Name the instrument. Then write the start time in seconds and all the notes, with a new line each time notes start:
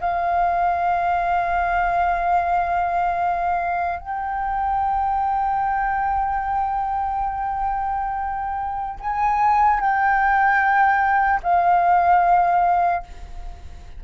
flute
0.00 F5
3.99 G5
9.00 G#5
9.80 G5
11.43 F5